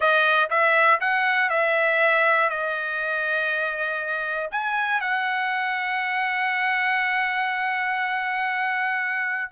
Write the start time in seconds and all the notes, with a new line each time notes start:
0.00 D#5
0.50 E5
1.00 F#5
1.49 E5
2.49 D#5
4.51 G#5
5.00 F#5